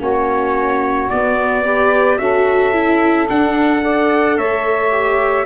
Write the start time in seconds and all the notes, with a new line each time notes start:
0.00 A#3 C#4 F#4 C#5
1.10 B3 D5
1.64 G4 B4
2.19 C#4 F#4 A4 E5
2.73 E4
3.30 D4 F#5
3.82 A4 D5
4.37 A3 C#5 E5
4.91 G4